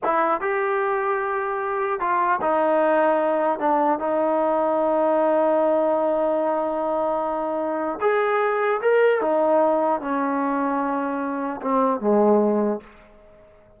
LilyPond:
\new Staff \with { instrumentName = "trombone" } { \time 4/4 \tempo 4 = 150 e'4 g'2.~ | g'4 f'4 dis'2~ | dis'4 d'4 dis'2~ | dis'1~ |
dis'1 | gis'2 ais'4 dis'4~ | dis'4 cis'2.~ | cis'4 c'4 gis2 | }